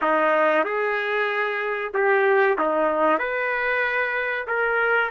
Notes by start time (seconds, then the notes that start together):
0.01 D#4
0.64 G#4
1.94 G4
2.58 D#4
3.18 B4
4.47 A#4